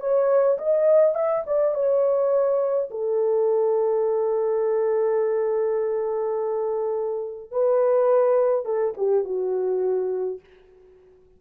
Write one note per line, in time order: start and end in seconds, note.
0.00 0.58 C#5
0.58 1.15 D#5
1.15 1.44 E5
1.46 1.74 D5
1.74 2.90 C#5
2.91 7.51 A4
7.51 8.65 B4
8.65 8.94 A4
8.97 9.25 G4
9.25 10.40 F#4